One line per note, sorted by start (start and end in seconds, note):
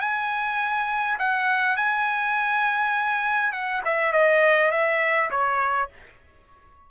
0.00 1.18 G#5
1.19 1.76 F#5
1.76 3.52 G#5
3.52 3.81 F#5
3.85 4.12 E5
4.12 4.71 D#5
4.71 5.30 E5
5.30 5.89 C#5